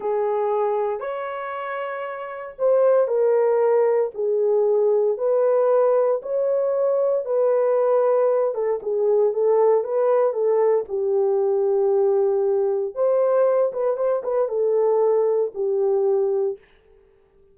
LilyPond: \new Staff \with { instrumentName = "horn" } { \time 4/4 \tempo 4 = 116 gis'2 cis''2~ | cis''4 c''4 ais'2 | gis'2 b'2 | cis''2 b'2~ |
b'8 a'8 gis'4 a'4 b'4 | a'4 g'2.~ | g'4 c''4. b'8 c''8 b'8 | a'2 g'2 | }